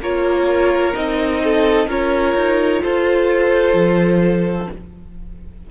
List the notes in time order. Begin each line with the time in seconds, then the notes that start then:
0.00 A#3 F4 A#4 C#5
0.94 C4 D#4 D#5
1.44 A4
1.88 C#4 F4 A#4 C#5
2.35 D#4
2.83 F4 A4 C5
3.74 F3